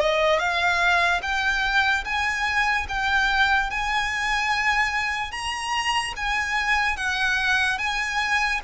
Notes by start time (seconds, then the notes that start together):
0.00 D#5
0.39 F5
1.23 G5
2.05 G#5
2.89 G5
3.71 G#5
5.32 A#5
6.16 G#5
6.97 F#5
7.79 G#5